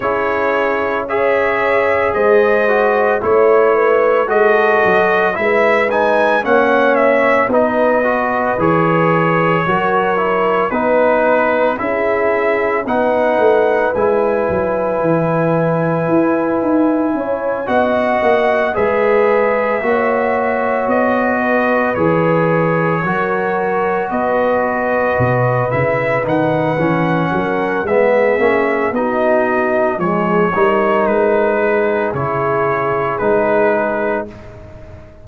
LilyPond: <<
  \new Staff \with { instrumentName = "trumpet" } { \time 4/4 \tempo 4 = 56 cis''4 e''4 dis''4 cis''4 | dis''4 e''8 gis''8 fis''8 e''8 dis''4 | cis''2 b'4 e''4 | fis''4 gis''2.~ |
gis''8 fis''4 e''2 dis''8~ | dis''8 cis''2 dis''4. | e''8 fis''4. e''4 dis''4 | cis''4 b'4 cis''4 b'4 | }
  \new Staff \with { instrumentName = "horn" } { \time 4/4 gis'4 cis''4 c''4 cis''8 b'8 | a'4 b'4 cis''4 b'4~ | b'4 ais'4 b'4 gis'4 | b'1 |
cis''8 dis''4 b'4 cis''4. | b'4. ais'4 b'4.~ | b'4. ais'8 gis'4 fis'4 | gis'8 ais'4 gis'2~ gis'8 | }
  \new Staff \with { instrumentName = "trombone" } { \time 4/4 e'4 gis'4. fis'8 e'4 | fis'4 e'8 dis'8 cis'4 dis'8 fis'8 | gis'4 fis'8 e'8 dis'4 e'4 | dis'4 e'2.~ |
e'8 fis'4 gis'4 fis'4.~ | fis'8 gis'4 fis'2~ fis'8 | e'8 dis'8 cis'4 b8 cis'8 dis'4 | gis8 dis'4. e'4 dis'4 | }
  \new Staff \with { instrumentName = "tuba" } { \time 4/4 cis'2 gis4 a4 | gis8 fis8 gis4 ais4 b4 | e4 fis4 b4 cis'4 | b8 a8 gis8 fis8 e4 e'8 dis'8 |
cis'8 b8 ais8 gis4 ais4 b8~ | b8 e4 fis4 b4 b,8 | cis8 dis8 e8 fis8 gis8 ais8 b4 | f8 g8 gis4 cis4 gis4 | }
>>